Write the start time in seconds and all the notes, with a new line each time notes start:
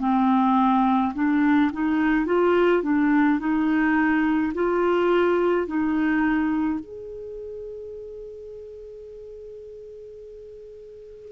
0.00 C4
1.15 D4
1.73 D#4
2.26 F4
2.83 D4
3.40 D#4
4.54 F4
5.68 D#4
6.80 G#4